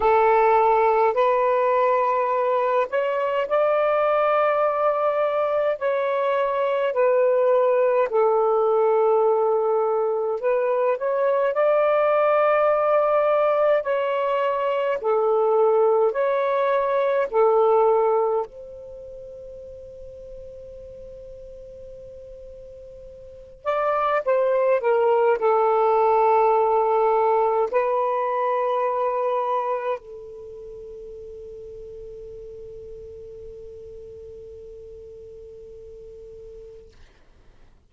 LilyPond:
\new Staff \with { instrumentName = "saxophone" } { \time 4/4 \tempo 4 = 52 a'4 b'4. cis''8 d''4~ | d''4 cis''4 b'4 a'4~ | a'4 b'8 cis''8 d''2 | cis''4 a'4 cis''4 a'4 |
c''1~ | c''8 d''8 c''8 ais'8 a'2 | b'2 a'2~ | a'1 | }